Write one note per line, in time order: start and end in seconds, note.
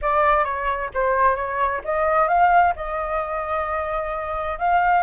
0.01 0.44 D5
0.44 0.90 C#5
0.93 1.35 C5
1.35 1.81 C#5
1.84 2.28 D#5
2.28 2.73 F5
2.76 4.58 D#5
4.58 5.02 F5